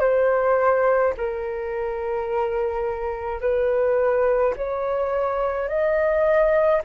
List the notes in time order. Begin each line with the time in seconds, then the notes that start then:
0.00 C5
1.17 A#4
3.41 B4
4.56 C#5
5.69 D#5